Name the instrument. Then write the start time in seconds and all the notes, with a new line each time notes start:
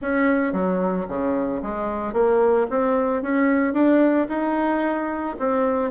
bassoon
0.01 C#4
0.52 F#3
1.08 C#3
1.62 G#3
2.13 A#3
2.69 C4
3.22 C#4
3.73 D4
4.29 D#4
5.39 C4